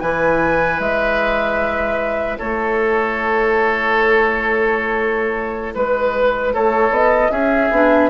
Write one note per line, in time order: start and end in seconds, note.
0.00 0.79 E3
0.00 7.71 E4
0.00 2.38 B4
0.00 0.79 G#5
0.79 2.37 G#3
0.79 2.38 E5
2.38 5.75 A3
2.38 5.74 A4
2.38 5.74 C#5
5.74 6.54 G#3
5.74 6.53 B4
5.74 6.54 B4
6.53 6.90 A3
6.53 7.31 A4
6.53 6.93 C#5
6.90 7.29 B3
6.90 7.31 D#5
7.30 7.70 C#4
7.30 8.09 G#4
7.30 8.09 E5
7.71 8.09 B3
7.71 8.09 D4